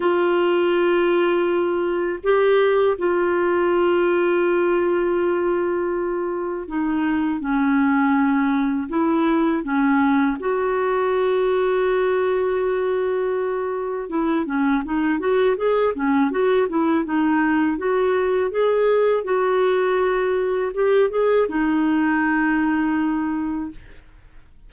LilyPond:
\new Staff \with { instrumentName = "clarinet" } { \time 4/4 \tempo 4 = 81 f'2. g'4 | f'1~ | f'4 dis'4 cis'2 | e'4 cis'4 fis'2~ |
fis'2. e'8 cis'8 | dis'8 fis'8 gis'8 cis'8 fis'8 e'8 dis'4 | fis'4 gis'4 fis'2 | g'8 gis'8 dis'2. | }